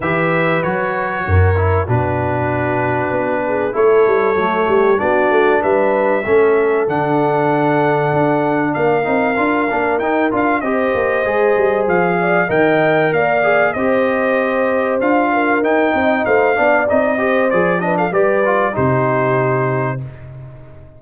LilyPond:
<<
  \new Staff \with { instrumentName = "trumpet" } { \time 4/4 \tempo 4 = 96 e''4 cis''2 b'4~ | b'2 cis''2 | d''4 e''2 fis''4~ | fis''2 f''2 |
g''8 f''8 dis''2 f''4 | g''4 f''4 dis''2 | f''4 g''4 f''4 dis''4 | d''8 dis''16 f''16 d''4 c''2 | }
  \new Staff \with { instrumentName = "horn" } { \time 4/4 b'2 ais'4 fis'4~ | fis'4. gis'8 a'4. g'8 | fis'4 b'4 a'2~ | a'2 ais'2~ |
ais'4 c''2~ c''8 d''8 | dis''4 d''4 c''2~ | c''8 ais'4 dis''8 c''8 d''4 c''8~ | c''8 b'16 a'16 b'4 g'2 | }
  \new Staff \with { instrumentName = "trombone" } { \time 4/4 g'4 fis'4. e'8 d'4~ | d'2 e'4 a4 | d'2 cis'4 d'4~ | d'2~ d'8 dis'8 f'8 d'8 |
dis'8 f'8 g'4 gis'2 | ais'4. gis'8 g'2 | f'4 dis'4. d'8 dis'8 g'8 | gis'8 d'8 g'8 f'8 dis'2 | }
  \new Staff \with { instrumentName = "tuba" } { \time 4/4 e4 fis4 fis,4 b,4~ | b,4 b4 a8 g8 fis8 g8 | b8 a8 g4 a4 d4~ | d4 d'4 ais8 c'8 d'8 ais8 |
dis'8 d'8 c'8 ais8 gis8 g8 f4 | dis4 ais4 c'2 | d'4 dis'8 c'8 a8 b8 c'4 | f4 g4 c2 | }
>>